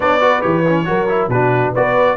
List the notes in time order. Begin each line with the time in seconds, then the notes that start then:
0.00 B3 D4 C#5 D5
0.20 F#4 B4
0.41 E3 G4 C#5
0.68 C#4
0.85 F#3 F#4 A#4
1.08 E4
1.28 B2 D4 F#4 B4
1.72 B3 F#4 B4 D5